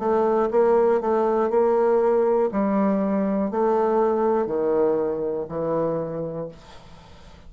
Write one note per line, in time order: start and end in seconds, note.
0.00 0.50 A3
0.51 1.01 A#3
1.01 1.50 A3
1.50 2.50 A#3
2.52 3.51 G3
3.51 4.47 A3
4.47 5.47 D#3
5.49 6.49 E3